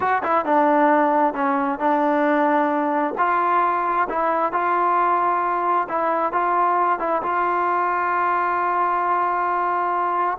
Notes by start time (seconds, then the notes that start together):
0.00 F#4
0.23 E4
0.45 D4
1.34 C#4
1.79 D4
3.18 F4
4.09 E4
4.52 F4
5.88 E4
6.32 F4
6.99 E4
7.22 F4